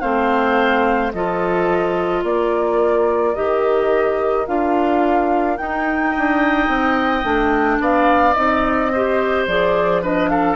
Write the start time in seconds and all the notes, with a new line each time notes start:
0.00 A3 C4 C5 F5
1.12 F3 F4 A4 D#5
2.23 A#3 A#4 D5
3.34 D#3 G4 D#5
4.47 D4 F4 F5
5.57 D#4 G5
6.10 D#5
6.17 D4
6.68 C4
7.23 A3 D4
7.79 B3 D5 F5
8.33 C4 D#4 D#5
8.92 G4 C5
9.47 F3 G#4 D5
10.02 D4 B4 D#5
10.28 A4 F5